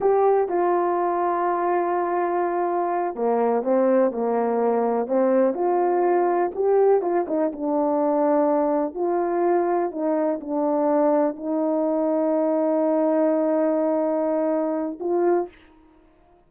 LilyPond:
\new Staff \with { instrumentName = "horn" } { \time 4/4 \tempo 4 = 124 g'4 f'2.~ | f'2~ f'8 ais4 c'8~ | c'8 ais2 c'4 f'8~ | f'4. g'4 f'8 dis'8 d'8~ |
d'2~ d'8 f'4.~ | f'8 dis'4 d'2 dis'8~ | dis'1~ | dis'2. f'4 | }